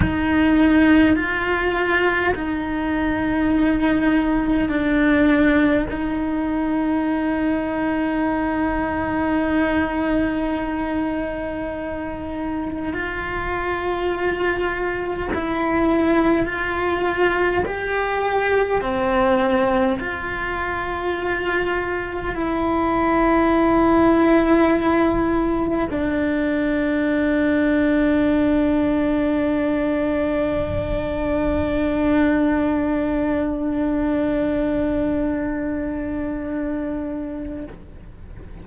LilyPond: \new Staff \with { instrumentName = "cello" } { \time 4/4 \tempo 4 = 51 dis'4 f'4 dis'2 | d'4 dis'2.~ | dis'2. f'4~ | f'4 e'4 f'4 g'4 |
c'4 f'2 e'4~ | e'2 d'2~ | d'1~ | d'1 | }